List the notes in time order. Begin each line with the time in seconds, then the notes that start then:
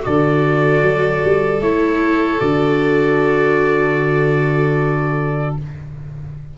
0.00 D3 F#4 A4 D5
0.83 F#3
1.24 G3
1.59 A3 E4 C#5
2.39 D3 F#4 D5